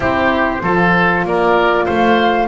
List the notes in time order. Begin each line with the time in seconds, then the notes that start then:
0.00 C4 E4 G4 C5
0.62 F3 F4 A4
1.24 A#3 A#4 D5
1.85 A3 C5 F5